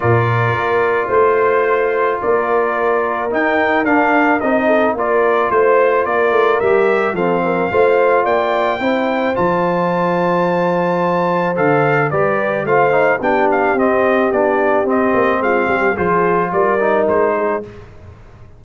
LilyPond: <<
  \new Staff \with { instrumentName = "trumpet" } { \time 4/4 \tempo 4 = 109 d''2 c''2 | d''2 g''4 f''4 | dis''4 d''4 c''4 d''4 | e''4 f''2 g''4~ |
g''4 a''2.~ | a''4 f''4 d''4 f''4 | g''8 f''8 dis''4 d''4 dis''4 | f''4 c''4 d''4 c''4 | }
  \new Staff \with { instrumentName = "horn" } { \time 4/4 ais'2 c''2 | ais'1~ | ais'8 a'8 ais'4 c''4 ais'4~ | ais'4 a'8 ais'8 c''4 d''4 |
c''1~ | c''2 b'4 c''4 | g'1 | f'8 g'8 gis'4 ais'4. gis'8 | }
  \new Staff \with { instrumentName = "trombone" } { \time 4/4 f'1~ | f'2 dis'4 d'4 | dis'4 f'2. | g'4 c'4 f'2 |
e'4 f'2.~ | f'4 a'4 g'4 f'8 dis'8 | d'4 c'4 d'4 c'4~ | c'4 f'4. dis'4. | }
  \new Staff \with { instrumentName = "tuba" } { \time 4/4 ais,4 ais4 a2 | ais2 dis'4 d'4 | c'4 ais4 a4 ais8 a8 | g4 f4 a4 ais4 |
c'4 f2.~ | f4 d4 g4 a4 | b4 c'4 b4 c'8 ais8 | gis8 g8 f4 g4 gis4 | }
>>